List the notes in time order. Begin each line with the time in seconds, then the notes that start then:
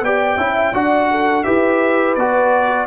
0.00 B3 G4 D5 G5
0.36 C#4 E4 E5
0.73 D4 F#4 D5 F#5
1.10 A4
1.43 E4 G4 B4 E5
2.15 B3 F#4 D5